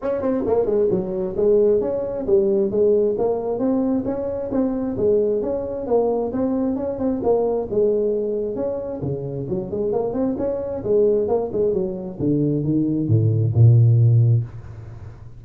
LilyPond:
\new Staff \with { instrumentName = "tuba" } { \time 4/4 \tempo 4 = 133 cis'8 c'8 ais8 gis8 fis4 gis4 | cis'4 g4 gis4 ais4 | c'4 cis'4 c'4 gis4 | cis'4 ais4 c'4 cis'8 c'8 |
ais4 gis2 cis'4 | cis4 fis8 gis8 ais8 c'8 cis'4 | gis4 ais8 gis8 fis4 d4 | dis4 a,4 ais,2 | }